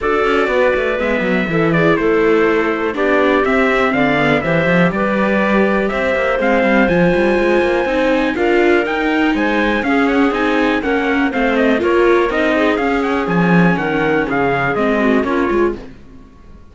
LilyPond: <<
  \new Staff \with { instrumentName = "trumpet" } { \time 4/4 \tempo 4 = 122 d''2 e''4. d''8 | c''2 d''4 e''4 | f''4 e''4 d''2 | e''4 f''4 gis''2~ |
gis''4 f''4 g''4 gis''4 | f''8 fis''8 gis''4 fis''4 f''8 dis''8 | cis''4 dis''4 f''8 fis''8 gis''4 | fis''4 f''4 dis''4 cis''4 | }
  \new Staff \with { instrumentName = "clarinet" } { \time 4/4 a'4 b'2 a'8 gis'8 | a'2 g'2 | d''4 c''4 b'2 | c''1~ |
c''4 ais'2 c''4 | gis'2 ais'4 c''4 | ais'4. gis'2~ gis'8 | ais'4 gis'4. fis'8 f'4 | }
  \new Staff \with { instrumentName = "viola" } { \time 4/4 fis'2 b4 e'4~ | e'2 d'4 c'4~ | c'8 b8 g'2.~ | g'4 c'4 f'2 |
dis'4 f'4 dis'2 | cis'4 dis'4 cis'4 c'4 | f'4 dis'4 cis'2~ | cis'2 c'4 cis'8 f'8 | }
  \new Staff \with { instrumentName = "cello" } { \time 4/4 d'8 cis'8 b8 a8 gis8 fis8 e4 | a2 b4 c'4 | d4 e8 f8 g2 | c'8 ais8 gis8 g8 f8 g8 gis8 ais8 |
c'4 d'4 dis'4 gis4 | cis'4 c'4 ais4 a4 | ais4 c'4 cis'4 f4 | dis4 cis4 gis4 ais8 gis8 | }
>>